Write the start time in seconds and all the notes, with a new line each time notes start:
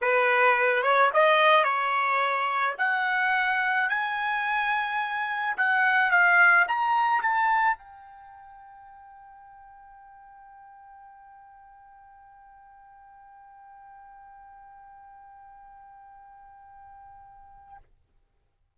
0.01 B4
0.82 C#5
1.13 D#5
1.64 C#5
2.78 F#5
3.89 G#5
5.57 F#5
6.11 F5
6.67 A#5
7.22 A5
7.77 G5